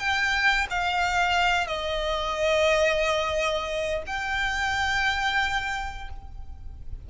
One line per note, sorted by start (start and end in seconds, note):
0.00 0.67 G5
0.70 1.68 F5
1.68 4.04 D#5
4.07 6.09 G5